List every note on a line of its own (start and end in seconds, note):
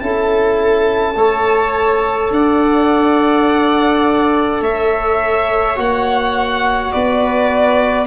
0.00 1.16 C#4
0.00 1.15 E4
0.00 1.18 A4
0.00 2.31 A5
1.16 2.31 A3
1.16 5.76 A4
1.16 2.33 C#5
2.31 4.61 D4
2.31 4.61 D5
2.31 4.63 F#5
4.61 5.77 A3
4.61 6.92 C#5
4.61 5.79 E5
5.76 6.92 A#3
5.76 8.07 F#4
5.76 6.93 F#5
6.93 8.07 B3
6.93 8.07 B4
6.93 8.07 D5